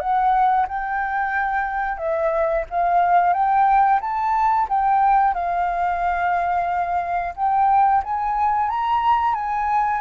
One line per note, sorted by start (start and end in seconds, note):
0.00 0.67 F#5
0.68 1.98 G5
1.98 2.65 E5
2.70 3.34 F5
3.34 4.00 G5
4.01 4.68 A5
4.69 5.35 G5
5.35 7.35 F5
7.37 8.03 G5
8.04 8.70 G#5
8.70 9.35 A#5
9.35 10.02 G#5